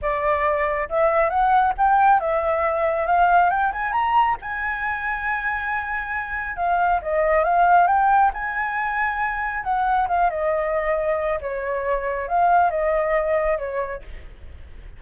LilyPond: \new Staff \with { instrumentName = "flute" } { \time 4/4 \tempo 4 = 137 d''2 e''4 fis''4 | g''4 e''2 f''4 | g''8 gis''8 ais''4 gis''2~ | gis''2. f''4 |
dis''4 f''4 g''4 gis''4~ | gis''2 fis''4 f''8 dis''8~ | dis''2 cis''2 | f''4 dis''2 cis''4 | }